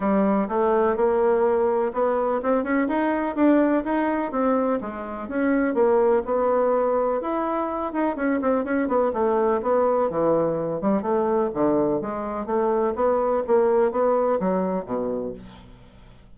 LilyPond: \new Staff \with { instrumentName = "bassoon" } { \time 4/4 \tempo 4 = 125 g4 a4 ais2 | b4 c'8 cis'8 dis'4 d'4 | dis'4 c'4 gis4 cis'4 | ais4 b2 e'4~ |
e'8 dis'8 cis'8 c'8 cis'8 b8 a4 | b4 e4. g8 a4 | d4 gis4 a4 b4 | ais4 b4 fis4 b,4 | }